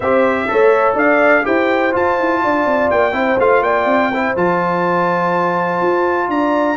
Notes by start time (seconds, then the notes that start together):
0.00 C4 G4 C5 E5
0.48 A3 A4 C#5
0.95 D4 D5 F5
1.43 E4 G4 C5 G5
1.91 F4 A5
2.19 E4
2.44 D4 D5
2.65 C4
2.90 A#3 G5
3.12 C4 E4 C5
3.38 A3 F4 F5
3.61 A#3 D5 G5
3.85 C4
4.12 E4 C5
4.36 F3 F4 A5
5.81 F4
6.28 D4 D5 A#5